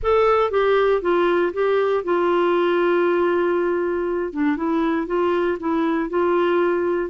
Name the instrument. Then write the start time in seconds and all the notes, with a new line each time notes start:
clarinet
0.02 A4
0.50 G4
1.01 F4
1.53 G4
2.04 F4
4.32 D4
4.56 E4
5.07 F4
5.59 E4
6.09 F4